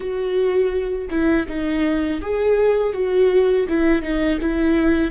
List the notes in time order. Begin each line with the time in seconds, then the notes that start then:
0.00 F#4
1.09 E4
1.47 D#4
2.21 G#4
2.93 F#4
3.69 E4
4.02 D#4
4.40 E4